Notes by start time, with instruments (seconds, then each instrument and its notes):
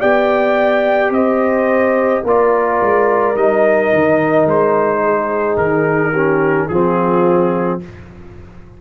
0.00 tuba B3, trombone G4, horn D5, trumpet G5
1.10 tuba C4, horn C5, trumpet D#5
2.24 tuba A#3, trombone F4, horn A#4, trumpet D5
2.82 tuba G#3
3.35 tuba G3, trombone D#4, trumpet D#5
3.94 tuba D#3
4.46 tuba G#3, trumpet C5
5.04 horn G#4
5.57 tuba D#3, trumpet A#4
6.12 trombone C#4, horn G4
6.69 tuba F3, trombone C4, horn F4, trumpet G#4